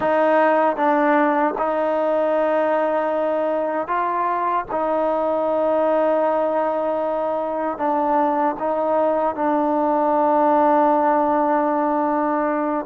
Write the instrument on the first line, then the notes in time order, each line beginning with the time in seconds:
trombone
0.00 D#4
0.76 D4
1.58 D#4
3.87 F4
4.71 D#4
7.77 D4
8.59 D#4
9.35 D4